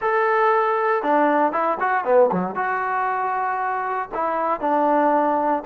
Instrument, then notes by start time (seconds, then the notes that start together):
trombone
0.01 A4
1.03 D4
1.52 E4
1.79 F#4
2.04 B3
2.32 F#3
2.55 F#4
4.14 E4
4.60 D4